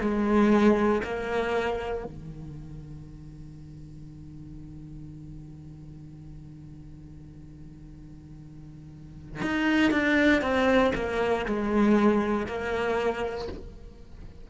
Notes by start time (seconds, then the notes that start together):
0.00 G#3
1.04 A#3
2.04 D#3
9.42 D#4
9.91 D4
10.41 C4
10.95 A#3
11.45 G#3
12.46 A#3